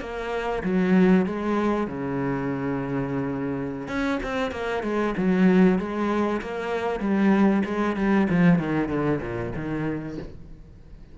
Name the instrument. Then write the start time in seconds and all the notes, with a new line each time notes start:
cello
0.00 A#3
0.63 F#3
1.26 G#3
1.88 C#3
3.88 C#4
4.23 C4
4.51 A#3
4.83 G#3
5.17 F#3
5.79 G#3
6.41 A#3
7.00 G3
7.65 G#3
7.96 G3
8.30 F3
8.59 D#3
8.89 D3
9.22 A#2
9.56 D#3